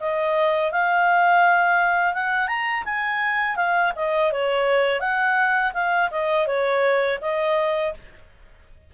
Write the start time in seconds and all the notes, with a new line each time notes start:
0.00 D#5
0.71 F5
2.13 F#5
2.47 A#5
2.85 G#5
3.56 F5
3.96 D#5
4.32 C#5
5.00 F#5
5.73 F5
6.11 D#5
6.47 C#5
7.21 D#5